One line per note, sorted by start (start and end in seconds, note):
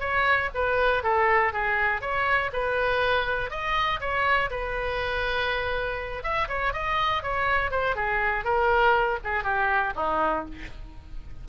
0.00 0.50 C#5
0.54 1.03 B4
1.03 1.53 A4
1.53 2.01 G#4
2.01 2.50 C#5
2.52 3.50 B4
3.50 4.00 D#5
4.00 4.50 C#5
4.50 6.23 B4
6.23 6.48 E5
6.48 6.73 C#5
6.73 7.22 D#5
7.22 7.70 C#5
7.70 7.95 C5
7.95 8.44 G#4
8.44 9.19 A#4
9.24 9.43 G#4
9.43 9.93 G4
9.96 10.45 D#4